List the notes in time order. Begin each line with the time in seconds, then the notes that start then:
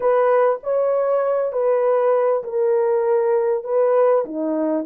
0.00 B4
0.63 C#5
1.52 B4
2.43 A#4
3.64 B4
4.25 D#4